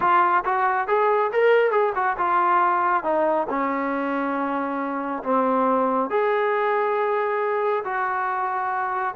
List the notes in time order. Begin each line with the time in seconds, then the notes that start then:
0.00 F4
0.45 F#4
0.87 G#4
1.32 A#4
1.71 G#4
1.95 F#4
2.17 F4
3.03 D#4
3.49 C#4
5.23 C4
6.09 G#4
7.84 F#4